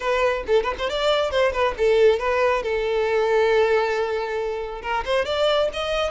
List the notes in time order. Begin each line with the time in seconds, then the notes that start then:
0.00 B4
0.47 A4
0.63 B4
0.78 C5
0.89 D5
1.30 C5
1.52 B4
1.77 A4
2.19 B4
2.62 A4
4.82 A#4
5.05 C5
5.25 D5
5.73 D#5